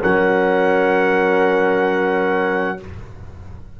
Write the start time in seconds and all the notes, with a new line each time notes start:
0.00 F#3 C#4 A#4 F#5